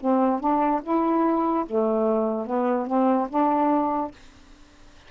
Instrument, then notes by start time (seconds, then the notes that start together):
saxophone
0.00 C4
0.40 D4
0.83 E4
1.66 A3
2.46 B3
2.87 C4
3.29 D4